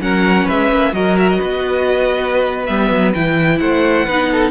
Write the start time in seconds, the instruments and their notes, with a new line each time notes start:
0.00 cello F#3, viola C#4, violin A#4 F#5
0.45 cello G#3, violin B4 E5
0.72 cello A#3
0.92 cello F#3, viola F#4, violin A#4 D#5
1.18 violin E5
1.29 violin D#5
1.37 cello B3, violin B4
2.66 cello G3, viola B3, violin E5
2.90 cello F#3
3.14 cello E3, viola E4, violin G5
3.58 cello A3, violin C5 F#5
4.06 cello B3, viola D#4, violin B4
4.32 violin A4